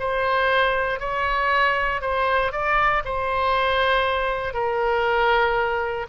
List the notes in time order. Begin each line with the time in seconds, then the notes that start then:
0.00 C5
1.00 C#5
2.02 C5
2.52 D5
3.05 C5
4.54 A#4